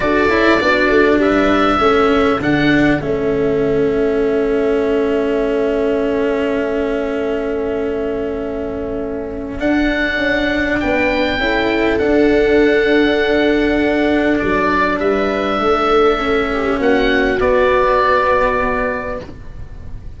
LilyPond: <<
  \new Staff \with { instrumentName = "oboe" } { \time 4/4 \tempo 4 = 100 d''2 e''2 | fis''4 e''2.~ | e''1~ | e''1 |
fis''2 g''2 | fis''1 | d''4 e''2. | fis''4 d''2. | }
  \new Staff \with { instrumentName = "viola" } { \time 4/4 a'4 fis'4 b'4 a'4~ | a'1~ | a'1~ | a'1~ |
a'2 b'4 a'4~ | a'1~ | a'4 b'4 a'4. g'8 | fis'1 | }
  \new Staff \with { instrumentName = "cello" } { \time 4/4 fis'8 e'8 d'2 cis'4 | d'4 cis'2.~ | cis'1~ | cis'1 |
d'2. e'4 | d'1~ | d'2. cis'4~ | cis'4 b2. | }
  \new Staff \with { instrumentName = "tuba" } { \time 4/4 d'8 cis'8 b8 a8 g4 a4 | d4 a2.~ | a1~ | a1 |
d'4 cis'4 b4 cis'4 | d'1 | fis4 g4 a2 | ais4 b2. | }
>>